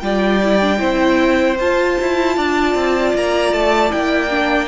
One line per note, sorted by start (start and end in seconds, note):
0.00 0.80 G3
0.00 0.42 F4
0.00 0.80 D5
0.00 1.56 G5
0.43 0.62 E4
0.62 0.79 D4
0.79 1.59 C4
0.79 1.56 E4
0.79 2.36 C5
1.60 1.99 F4
1.60 3.91 F4
1.60 3.16 A5
2.01 2.38 E4
2.37 2.75 D4
2.37 4.69 D5
2.75 3.14 C4
3.15 3.54 A#3
3.15 3.53 A#5
3.53 3.93 A3
3.53 3.92 A5
3.91 4.69 A#3
3.91 4.30 E4
3.91 4.69 G5
4.30 4.69 D4